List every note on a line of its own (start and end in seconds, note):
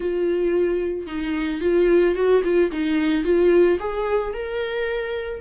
0.00 1.07 F4
1.07 1.61 D#4
1.61 2.15 F4
2.15 2.42 F#4
2.43 2.71 F4
2.71 3.24 D#4
3.24 3.78 F4
3.79 4.33 G#4
4.33 5.40 A#4